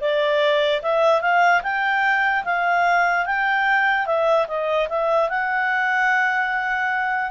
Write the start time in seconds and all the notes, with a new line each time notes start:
0.00 D5
0.82 E5
1.21 F5
1.63 G5
2.44 F5
3.26 G5
4.06 E5
4.47 D#5
4.88 E5
5.29 F#5